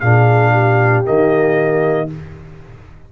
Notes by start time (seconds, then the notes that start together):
0.00 A#2 D4 G#4 F5
0.52 G4
1.04 D#3 A#3 D#5